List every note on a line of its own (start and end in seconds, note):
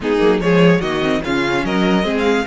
0.00 0.19 G#3
0.00 0.18 B3
0.00 0.42 D#4
0.00 0.40 G#4
0.18 0.40 F#3
0.18 0.39 A#3
0.40 0.80 F3
0.40 0.82 G#3
0.40 0.79 G#4
0.40 0.80 C#5
0.79 1.21 D#3
0.79 1.02 A#3
0.79 1.20 F#4
0.79 1.22 D#5
1.02 1.22 C4
1.22 1.64 C#3
1.22 2.02 C#4
1.22 1.65 F4
1.22 1.65 F5
1.64 2.04 F#3
1.64 2.04 A#4
1.64 2.16 D#5
2.02 2.45 G#3
2.02 2.44 C4
2.02 2.46 G#4
2.18 2.46 F5